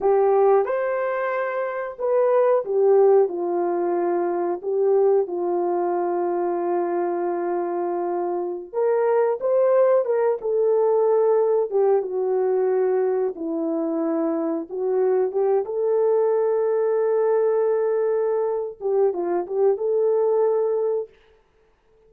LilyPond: \new Staff \with { instrumentName = "horn" } { \time 4/4 \tempo 4 = 91 g'4 c''2 b'4 | g'4 f'2 g'4 | f'1~ | f'4~ f'16 ais'4 c''4 ais'8 a'16~ |
a'4.~ a'16 g'8 fis'4.~ fis'16~ | fis'16 e'2 fis'4 g'8 a'16~ | a'1~ | a'8 g'8 f'8 g'8 a'2 | }